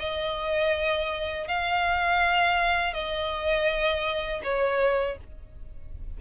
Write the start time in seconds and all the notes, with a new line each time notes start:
0.00 D#5
1.48 F5
2.94 D#5
4.44 C#5